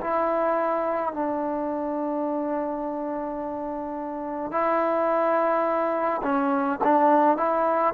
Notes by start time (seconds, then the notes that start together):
0.00 E4
1.13 D4
4.51 E4
6.22 C#4
6.83 D4
7.37 E4